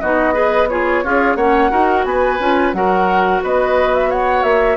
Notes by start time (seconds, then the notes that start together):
0.00 B3 D#4 F#4 D#5
0.34 G#4 B4
0.68 F4 G#4 C#5
1.04 C#4 F4 G#4
1.36 A#3 C#4 C#5 F#5
1.70 D#4 F#4 A#4
2.04 B3 B4 G#5
2.39 C#4 F4
2.73 F#3 F#4 A#4 F#5
3.43 B3 B4 D#5
3.95 E5
4.10 C#5 F#5
4.43 A#3 E5